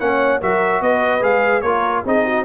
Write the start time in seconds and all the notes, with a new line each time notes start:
0.00 A#3 C#4 C#5 F#5
0.42 F#3 F#4 A#4 E5
0.81 B3 B4 D#5
1.21 G#3 G#4 F5
1.62 A#3 F4 A#4 C#5
2.05 C4 D#4 G#4 D#5
2.25 F#4